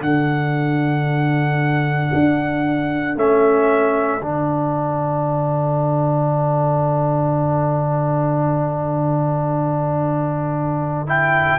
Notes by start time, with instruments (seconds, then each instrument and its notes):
0.00 tuba D3, trombone D4, horn A4, trumpet F#5
2.13 tuba D4
3.15 tuba A3, trombone C#4, trumpet E5
4.21 tuba D3, trombone D4, trumpet F#5
11.07 trombone E4, trumpet G5